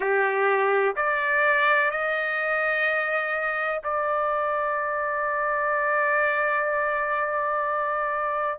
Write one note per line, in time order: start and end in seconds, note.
0.00 0.95 G4
0.95 1.90 D5
1.90 3.81 D#5
3.84 8.59 D5